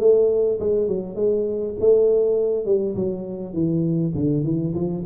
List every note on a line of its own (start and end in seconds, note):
0.00 0.59 A3
0.60 0.88 G#3
0.88 1.16 F#3
1.16 1.75 G#3
1.80 2.66 A3
2.66 2.95 G3
2.96 3.54 F#3
3.54 4.13 E3
4.15 4.44 D3
4.44 4.74 E3
4.75 5.04 F3